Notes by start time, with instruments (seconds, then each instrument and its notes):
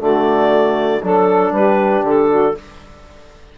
0.00 bassoon D3, trombone A3, saxophone F#4, clarinet D5
1.02 bassoon F#3, trombone D4, saxophone A4, clarinet A4
1.52 bassoon G3, saxophone G4, clarinet B4
2.03 bassoon D3, clarinet A4
2.30 saxophone F#4